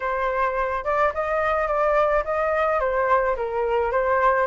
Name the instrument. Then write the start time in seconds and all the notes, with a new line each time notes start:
flute
0.00 C5
0.84 D5
1.13 D#5
1.67 D5
2.24 D#5
2.80 C5
3.36 A#4
3.91 C5